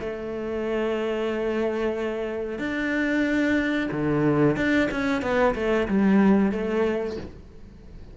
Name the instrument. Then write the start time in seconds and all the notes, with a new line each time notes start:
cello
0.00 A3
2.59 D4
3.92 D3
4.57 D4
4.91 C#4
5.22 B3
5.55 A3
5.88 G3
6.52 A3